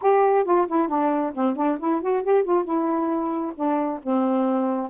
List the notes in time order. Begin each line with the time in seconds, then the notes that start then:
0.01 G4
0.44 F4
0.68 E4
0.88 D4
1.34 C4
1.56 D4
1.79 E4
2.01 F#4
2.23 G4
2.43 F4
2.64 E4
3.55 D4
4.02 C4